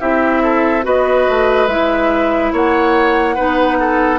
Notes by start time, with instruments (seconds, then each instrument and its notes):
0.00 bassoon C4, clarinet E4, oboe G4, flute E5
0.43 oboe A4
0.83 bassoon B3, clarinet F#4, oboe B4, flute D#5
1.29 bassoon A3
1.68 bassoon G#3, clarinet E4, flute E5
2.53 bassoon A#3, oboe C#5, flute F#5
3.35 bassoon B3, clarinet D#4, oboe B4
3.80 oboe A4